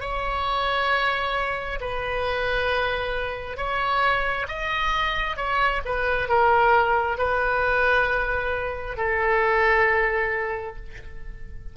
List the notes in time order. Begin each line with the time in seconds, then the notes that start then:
0.00 C#5
1.80 B4
3.57 C#5
4.48 D#5
5.36 C#5
5.85 B4
6.28 A#4
7.17 B4
8.96 A4